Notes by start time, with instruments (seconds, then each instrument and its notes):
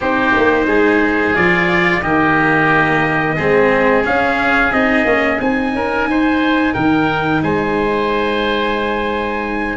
0.00 tuba C4, cello D#4, oboe G4, trumpet C5
0.36 tuba A#3
0.66 tuba G#3, oboe G#4
1.34 tuba F3, cello F4, trumpet D5
2.02 tuba D#3, cello A#3, oboe G4, trumpet D#5
3.35 tuba G#3, cello C4, oboe G#4
4.04 cello C#4, tuba C#4, trumpet F5
4.72 tuba C4, cello D#4, trumpet D#5
5.04 tuba A#3, cello C#4
5.39 tuba C4, cello D#4, trumpet G#5
5.73 tuba C#4, oboe A#4
6.06 tuba D#4, oboe C5
6.73 tuba D#3, oboe A#4, trumpet G5
7.42 tuba G#3, oboe C5, trumpet G#5